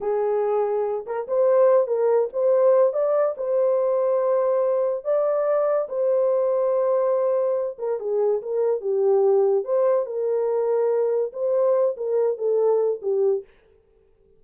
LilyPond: \new Staff \with { instrumentName = "horn" } { \time 4/4 \tempo 4 = 143 gis'2~ gis'8 ais'8 c''4~ | c''8 ais'4 c''4. d''4 | c''1 | d''2 c''2~ |
c''2~ c''8 ais'8 gis'4 | ais'4 g'2 c''4 | ais'2. c''4~ | c''8 ais'4 a'4. g'4 | }